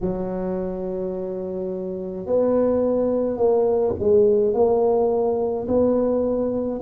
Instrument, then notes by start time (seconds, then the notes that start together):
tuba
0.00 F#3
2.26 B3
3.37 A#3
3.99 G#3
4.53 A#3
5.67 B3